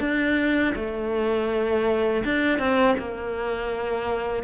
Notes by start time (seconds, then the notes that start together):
0.00 D4
0.75 A3
2.25 D4
2.59 C4
2.99 A#3